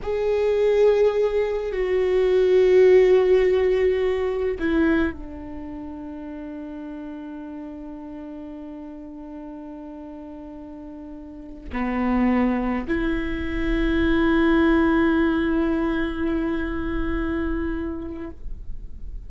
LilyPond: \new Staff \with { instrumentName = "viola" } { \time 4/4 \tempo 4 = 105 gis'2. fis'4~ | fis'1 | e'4 d'2.~ | d'1~ |
d'1~ | d'8 b2 e'4.~ | e'1~ | e'1 | }